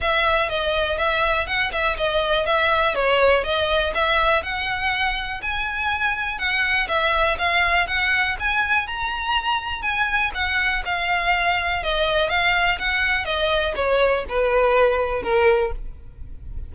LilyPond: \new Staff \with { instrumentName = "violin" } { \time 4/4 \tempo 4 = 122 e''4 dis''4 e''4 fis''8 e''8 | dis''4 e''4 cis''4 dis''4 | e''4 fis''2 gis''4~ | gis''4 fis''4 e''4 f''4 |
fis''4 gis''4 ais''2 | gis''4 fis''4 f''2 | dis''4 f''4 fis''4 dis''4 | cis''4 b'2 ais'4 | }